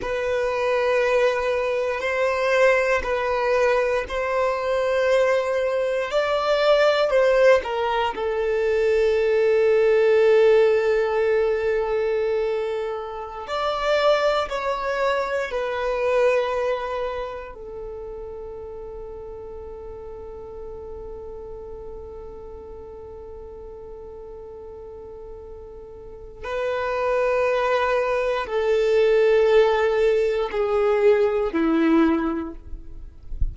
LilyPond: \new Staff \with { instrumentName = "violin" } { \time 4/4 \tempo 4 = 59 b'2 c''4 b'4 | c''2 d''4 c''8 ais'8 | a'1~ | a'4~ a'16 d''4 cis''4 b'8.~ |
b'4~ b'16 a'2~ a'8.~ | a'1~ | a'2 b'2 | a'2 gis'4 e'4 | }